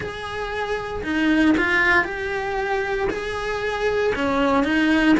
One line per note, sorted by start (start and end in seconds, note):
0.00 1.03 G#4
1.03 1.55 D#4
1.58 2.04 F4
2.04 3.08 G4
3.09 4.13 G#4
4.15 4.64 C#4
4.64 5.15 D#4